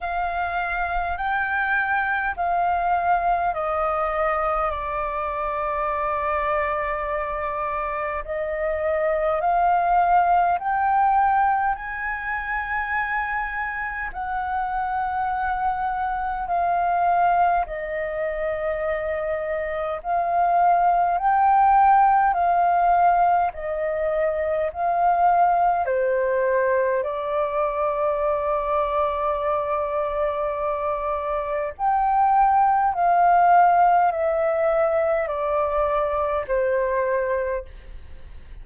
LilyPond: \new Staff \with { instrumentName = "flute" } { \time 4/4 \tempo 4 = 51 f''4 g''4 f''4 dis''4 | d''2. dis''4 | f''4 g''4 gis''2 | fis''2 f''4 dis''4~ |
dis''4 f''4 g''4 f''4 | dis''4 f''4 c''4 d''4~ | d''2. g''4 | f''4 e''4 d''4 c''4 | }